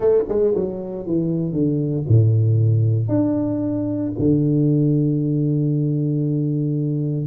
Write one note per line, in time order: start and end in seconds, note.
0.00 0.22 A3
0.28 0.54 G#3
0.55 1.06 F#3
1.06 1.53 E3
1.53 2.04 D3
2.08 3.08 A2
3.08 4.11 D4
4.18 7.26 D3